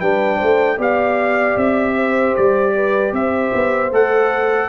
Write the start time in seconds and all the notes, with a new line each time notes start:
0.00 G3 D4 B4 G5
0.37 A3 C5
0.77 B3 G4 D5 F5
1.56 C4 E5
1.96 C5
2.36 G3 D5
2.75 B4
3.12 C4 C5 E5
3.54 B3
3.91 A3 A4 F#5